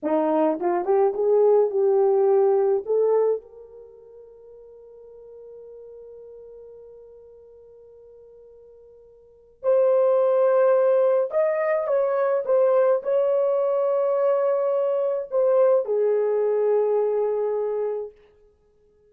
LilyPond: \new Staff \with { instrumentName = "horn" } { \time 4/4 \tempo 4 = 106 dis'4 f'8 g'8 gis'4 g'4~ | g'4 a'4 ais'2~ | ais'1~ | ais'1~ |
ais'4 c''2. | dis''4 cis''4 c''4 cis''4~ | cis''2. c''4 | gis'1 | }